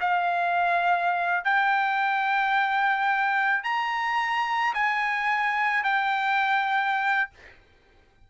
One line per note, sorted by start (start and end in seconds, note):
0.00 1.44 F5
1.44 3.64 G5
3.64 4.73 A#5
4.74 5.83 G#5
5.83 7.30 G5